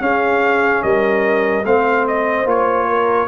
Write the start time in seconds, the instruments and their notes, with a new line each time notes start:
0.00 trombone C#4, tuba C#4, horn G#4, trumpet F5
0.83 tuba G3, horn A#4, trumpet D#5
1.64 tuba A3, trombone C4, horn C5, trumpet F5
2.08 trumpet D#5
2.45 tuba A#3, trombone F4, trumpet C#5
2.88 horn A#4